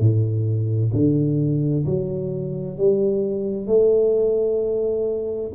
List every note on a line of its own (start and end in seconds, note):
0.00 0.92 A2
0.93 1.85 D3
1.86 2.78 F#3
2.78 3.67 G3
3.67 5.52 A3